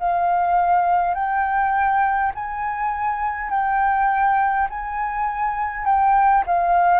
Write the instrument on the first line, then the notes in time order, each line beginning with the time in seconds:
flute
0.00 F5
1.14 G5
2.35 G#5
3.50 G5
4.70 G#5
5.86 G5
6.47 F5